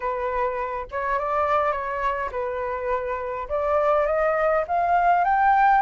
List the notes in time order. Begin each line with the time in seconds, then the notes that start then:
0.00 B4
0.91 C#5
1.18 D5
1.72 C#5
2.31 B4
3.48 D5
4.06 D#5
4.67 F5
5.24 G5